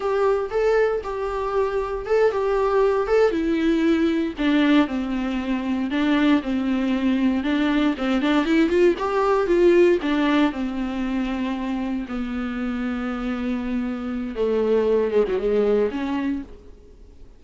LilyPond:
\new Staff \with { instrumentName = "viola" } { \time 4/4 \tempo 4 = 117 g'4 a'4 g'2 | a'8 g'4. a'8 e'4.~ | e'8 d'4 c'2 d'8~ | d'8 c'2 d'4 c'8 |
d'8 e'8 f'8 g'4 f'4 d'8~ | d'8 c'2. b8~ | b1 | a4. gis16 fis16 gis4 cis'4 | }